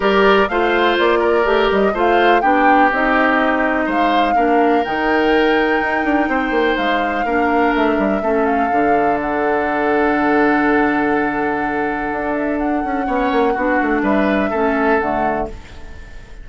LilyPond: <<
  \new Staff \with { instrumentName = "flute" } { \time 4/4 \tempo 4 = 124 d''4 f''4 d''4. dis''8 | f''4 g''4 dis''2 | f''2 g''2~ | g''2 f''2 |
e''4. f''4. fis''4~ | fis''1~ | fis''4. e''8 fis''2~ | fis''4 e''2 fis''4 | }
  \new Staff \with { instrumentName = "oboe" } { \time 4/4 ais'4 c''4. ais'4. | c''4 g'2. | c''4 ais'2.~ | ais'4 c''2 ais'4~ |
ais'4 a'2.~ | a'1~ | a'2. cis''4 | fis'4 b'4 a'2 | }
  \new Staff \with { instrumentName = "clarinet" } { \time 4/4 g'4 f'2 g'4 | f'4 d'4 dis'2~ | dis'4 d'4 dis'2~ | dis'2. d'4~ |
d'4 cis'4 d'2~ | d'1~ | d'2. cis'4 | d'2 cis'4 a4 | }
  \new Staff \with { instrumentName = "bassoon" } { \time 4/4 g4 a4 ais4 a8 g8 | a4 b4 c'2 | gis4 ais4 dis2 | dis'8 d'8 c'8 ais8 gis4 ais4 |
a8 g8 a4 d2~ | d1~ | d4 d'4. cis'8 b8 ais8 | b8 a8 g4 a4 d4 | }
>>